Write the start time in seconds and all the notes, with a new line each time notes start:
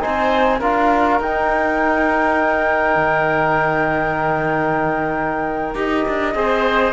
0.00 C4 D#4 C5 G#5
0.60 D4 F4 A#4 F5
1.19 D#4 G5
2.96 D#3
5.75 D#4 G4 D#5
6.08 D4
6.35 C4 G#4 C5